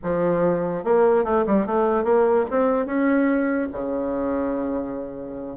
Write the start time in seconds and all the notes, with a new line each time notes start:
0.03 F3
0.84 A#3
1.24 A3
1.46 G3
1.66 A3
2.04 A#3
2.50 C4
2.86 C#4
3.72 C#3